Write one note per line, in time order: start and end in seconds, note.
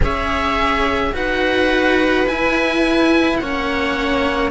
0.00 1.13 C#4
0.00 1.13 G#4
0.00 1.14 C#5
0.00 1.15 E5
1.13 2.25 D#4
1.13 2.26 F#4
1.13 3.40 B4
1.13 2.28 F#5
2.25 3.38 E4
2.25 3.42 E4
2.25 3.37 G#5
3.37 4.51 A#3
3.37 4.51 C#4
3.37 4.51 C#5
3.37 4.50 F#5